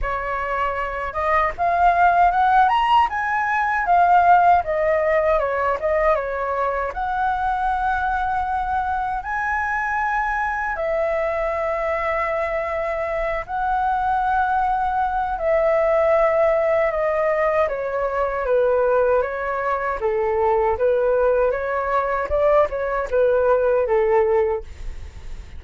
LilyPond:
\new Staff \with { instrumentName = "flute" } { \time 4/4 \tempo 4 = 78 cis''4. dis''8 f''4 fis''8 ais''8 | gis''4 f''4 dis''4 cis''8 dis''8 | cis''4 fis''2. | gis''2 e''2~ |
e''4. fis''2~ fis''8 | e''2 dis''4 cis''4 | b'4 cis''4 a'4 b'4 | cis''4 d''8 cis''8 b'4 a'4 | }